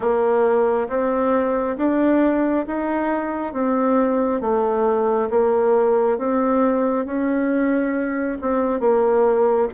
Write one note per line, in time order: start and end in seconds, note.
0.00 0.88 A#3
0.88 1.76 C4
1.77 2.65 D4
2.67 3.53 D#4
3.53 4.40 C4
4.40 5.29 A3
5.29 6.18 A#3
6.18 7.05 C4
7.05 8.38 C#4
8.41 8.80 C4
8.80 9.68 A#3